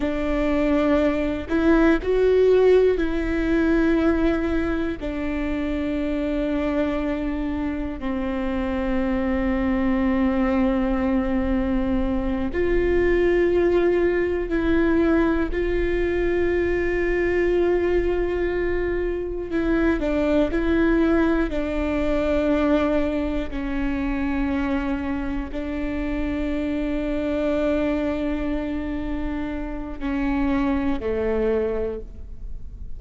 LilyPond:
\new Staff \with { instrumentName = "viola" } { \time 4/4 \tempo 4 = 60 d'4. e'8 fis'4 e'4~ | e'4 d'2. | c'1~ | c'8 f'2 e'4 f'8~ |
f'2.~ f'8 e'8 | d'8 e'4 d'2 cis'8~ | cis'4. d'2~ d'8~ | d'2 cis'4 a4 | }